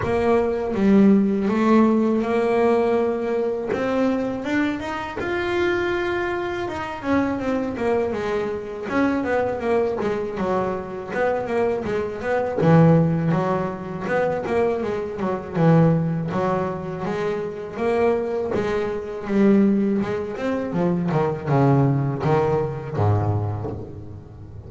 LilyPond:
\new Staff \with { instrumentName = "double bass" } { \time 4/4 \tempo 4 = 81 ais4 g4 a4 ais4~ | ais4 c'4 d'8 dis'8 f'4~ | f'4 dis'8 cis'8 c'8 ais8 gis4 | cis'8 b8 ais8 gis8 fis4 b8 ais8 |
gis8 b8 e4 fis4 b8 ais8 | gis8 fis8 e4 fis4 gis4 | ais4 gis4 g4 gis8 c'8 | f8 dis8 cis4 dis4 gis,4 | }